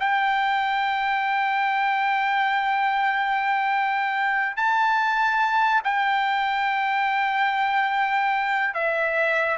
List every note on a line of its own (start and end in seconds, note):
0.00 4.57 G5
4.57 5.82 A5
5.84 8.74 G5
8.74 9.58 E5